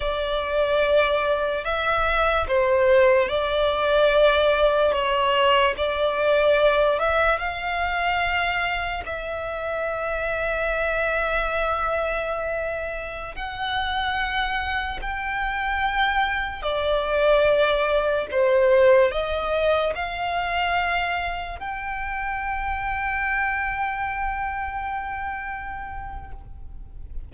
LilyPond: \new Staff \with { instrumentName = "violin" } { \time 4/4 \tempo 4 = 73 d''2 e''4 c''4 | d''2 cis''4 d''4~ | d''8 e''8 f''2 e''4~ | e''1~ |
e''16 fis''2 g''4.~ g''16~ | g''16 d''2 c''4 dis''8.~ | dis''16 f''2 g''4.~ g''16~ | g''1 | }